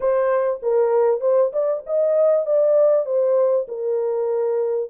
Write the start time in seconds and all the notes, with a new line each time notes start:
0.00 C5
0.62 A#4
1.21 C5
1.52 D5
1.86 D#5
2.46 D5
3.05 C5
3.68 A#4